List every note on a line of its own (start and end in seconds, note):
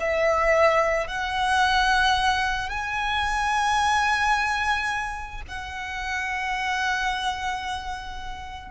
0.00 1.07 E5
1.07 2.69 F#5
2.69 5.41 G#5
5.48 8.71 F#5